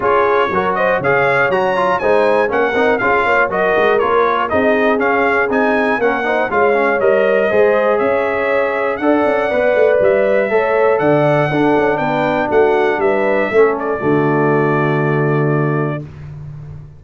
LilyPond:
<<
  \new Staff \with { instrumentName = "trumpet" } { \time 4/4 \tempo 4 = 120 cis''4. dis''8 f''4 ais''4 | gis''4 fis''4 f''4 dis''4 | cis''4 dis''4 f''4 gis''4 | fis''4 f''4 dis''2 |
e''2 fis''2 | e''2 fis''2 | g''4 fis''4 e''4. d''8~ | d''1 | }
  \new Staff \with { instrumentName = "horn" } { \time 4/4 gis'4 ais'8 c''8 cis''2 | c''4 ais'4 gis'8 cis''8 ais'4~ | ais'4 gis'2. | ais'8 c''8 cis''2 c''4 |
cis''2 d''2~ | d''4 cis''4 d''4 a'4 | b'4 fis'4 b'4 a'4 | fis'1 | }
  \new Staff \with { instrumentName = "trombone" } { \time 4/4 f'4 fis'4 gis'4 fis'8 f'8 | dis'4 cis'8 dis'8 f'4 fis'4 | f'4 dis'4 cis'4 dis'4 | cis'8 dis'8 f'8 cis'8 ais'4 gis'4~ |
gis'2 a'4 b'4~ | b'4 a'2 d'4~ | d'2. cis'4 | a1 | }
  \new Staff \with { instrumentName = "tuba" } { \time 4/4 cis'4 fis4 cis4 fis4 | gis4 ais8 c'8 cis'8 ais8 fis8 gis8 | ais4 c'4 cis'4 c'4 | ais4 gis4 g4 gis4 |
cis'2 d'8 cis'8 b8 a8 | g4 a4 d4 d'8 cis'8 | b4 a4 g4 a4 | d1 | }
>>